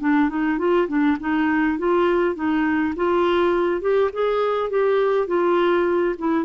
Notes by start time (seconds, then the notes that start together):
0.00 D4
0.29 D#4
0.59 F4
0.88 D4
1.20 D#4
1.78 F4
2.35 D#4
2.96 F4
3.81 G4
4.13 G#4
4.70 G4
5.27 F4
6.18 E4